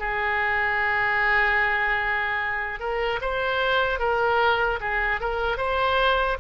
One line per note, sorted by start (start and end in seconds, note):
0.00 2.80 G#4
2.80 3.20 A#4
3.22 4.00 C5
4.00 4.80 A#4
4.81 5.21 G#4
5.21 5.57 A#4
5.57 6.37 C5